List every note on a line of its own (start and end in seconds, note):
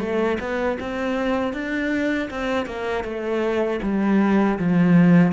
0.00 0.38 A3
0.40 0.78 B3
0.80 1.53 C4
1.53 2.29 D4
2.30 2.66 C4
2.66 3.04 A#3
3.04 3.80 A3
3.83 4.58 G3
4.59 5.32 F3